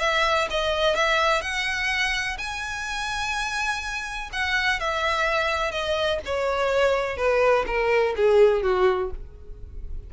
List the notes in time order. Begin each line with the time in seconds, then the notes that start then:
0.00 E5
0.50 D#5
0.95 E5
1.42 F#5
2.38 G#5
4.33 F#5
4.80 E5
5.72 D#5
6.26 C#5
7.17 B4
7.67 A#4
8.17 G#4
8.63 F#4